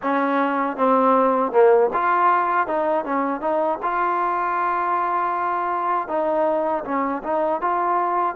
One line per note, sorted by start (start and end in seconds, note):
0.02 0.76 C#4
0.76 1.52 C4
1.52 1.90 A#3
1.93 2.67 F4
2.67 3.04 D#4
3.04 3.40 C#4
3.40 3.78 D#4
3.82 6.08 F4
6.08 6.84 D#4
6.84 7.22 C#4
7.23 7.61 D#4
7.61 8.35 F4